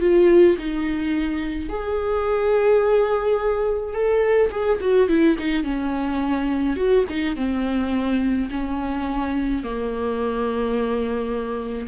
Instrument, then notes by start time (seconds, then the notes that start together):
viola
0.00 F4
0.58 D#4
1.69 G#4
3.94 A4
4.51 G#4
4.81 F#4
5.09 E4
5.39 D#4
5.64 C#4
6.77 F#4
7.09 D#4
7.36 C4
8.51 C#4
9.64 A#3